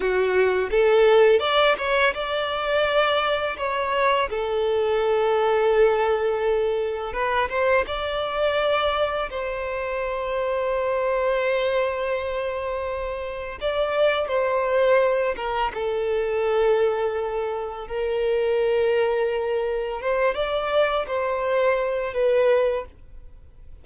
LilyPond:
\new Staff \with { instrumentName = "violin" } { \time 4/4 \tempo 4 = 84 fis'4 a'4 d''8 cis''8 d''4~ | d''4 cis''4 a'2~ | a'2 b'8 c''8 d''4~ | d''4 c''2.~ |
c''2. d''4 | c''4. ais'8 a'2~ | a'4 ais'2. | c''8 d''4 c''4. b'4 | }